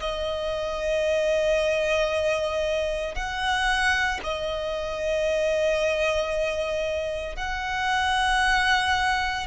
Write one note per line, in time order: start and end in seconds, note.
0.00 3.15 D#5
3.15 4.20 F#5
4.23 7.36 D#5
7.36 9.46 F#5